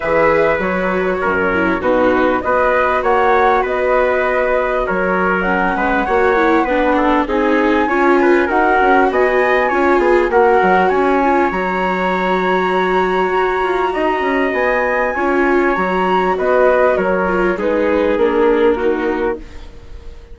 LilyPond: <<
  \new Staff \with { instrumentName = "flute" } { \time 4/4 \tempo 4 = 99 e''4 cis''2 b'4 | dis''4 fis''4 dis''2 | cis''4 fis''2. | gis''2 fis''4 gis''4~ |
gis''4 fis''4 gis''4 ais''4~ | ais''1 | gis''2 ais''4 dis''4 | cis''4 b'4 ais'2 | }
  \new Staff \with { instrumentName = "trumpet" } { \time 4/4 b'2 ais'4 fis'4 | b'4 cis''4 b'2 | ais'4. b'8 cis''4 b'8 a'8 | gis'4 cis''8 b'8 ais'4 dis''4 |
cis''8 gis'8 ais'4 cis''2~ | cis''2. dis''4~ | dis''4 cis''2 b'4 | ais'4 gis'2 fis'4 | }
  \new Staff \with { instrumentName = "viola" } { \time 4/4 gis'4 fis'4. e'8 dis'4 | fis'1~ | fis'4 cis'4 fis'8 e'8 d'4 | dis'4 f'4 fis'2 |
f'4 fis'4. f'8 fis'4~ | fis'1~ | fis'4 f'4 fis'2~ | fis'8 f'8 dis'4 d'4 dis'4 | }
  \new Staff \with { instrumentName = "bassoon" } { \time 4/4 e4 fis4 fis,4 b,4 | b4 ais4 b2 | fis4. gis8 ais4 b4 | c'4 cis'4 dis'8 cis'8 b4 |
cis'8 b8 ais8 fis8 cis'4 fis4~ | fis2 fis'8 f'8 dis'8 cis'8 | b4 cis'4 fis4 b4 | fis4 gis4 ais2 | }
>>